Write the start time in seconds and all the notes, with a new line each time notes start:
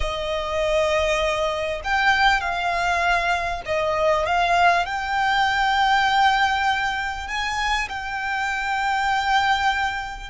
0.00 D#5
1.83 G5
2.40 F5
3.65 D#5
4.26 F5
4.85 G5
7.27 G#5
7.88 G5